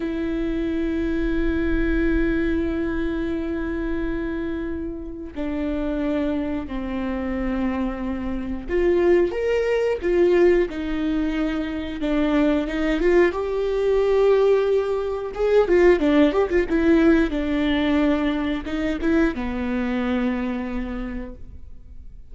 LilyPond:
\new Staff \with { instrumentName = "viola" } { \time 4/4 \tempo 4 = 90 e'1~ | e'1 | d'2 c'2~ | c'4 f'4 ais'4 f'4 |
dis'2 d'4 dis'8 f'8 | g'2. gis'8 f'8 | d'8 g'16 f'16 e'4 d'2 | dis'8 e'8 b2. | }